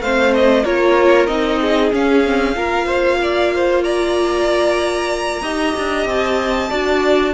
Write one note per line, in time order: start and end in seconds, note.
0.00 0.64 A3
0.00 0.64 C4
0.00 0.64 C5
0.00 0.34 F5
0.34 0.64 D#5
0.64 1.28 A#3
0.64 1.28 F4
0.64 1.59 A#4
0.64 1.26 C#5
1.26 1.92 C4
1.26 1.92 D#4
1.26 1.90 D#5
1.61 2.56 G#4
1.92 2.24 C#4
1.92 2.56 C#4
1.92 3.84 F5
2.24 2.54 C4
2.54 5.41 A#3
2.54 5.41 F4
2.54 2.86 A#4
2.86 3.18 C5
3.22 3.54 D5
3.55 3.84 C5
3.84 5.42 D5
3.84 6.07 A#5
5.41 5.73 D#4
5.41 6.70 G4
5.41 6.70 D#5
5.77 6.05 D4
6.05 6.69 C4
6.05 7.33 A5
6.70 7.33 D4
6.70 7.33 F#4
6.70 7.33 D5